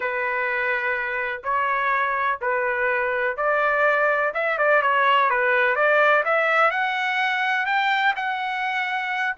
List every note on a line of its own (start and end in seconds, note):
0.00 1.42 B4
1.43 2.39 C#5
2.41 3.36 B4
3.36 4.32 D5
4.34 4.58 E5
4.58 4.82 D5
4.82 5.30 C#5
5.30 5.75 B4
5.75 6.23 D5
6.24 6.70 E5
6.70 7.66 F#5
7.66 8.14 G5
8.16 9.36 F#5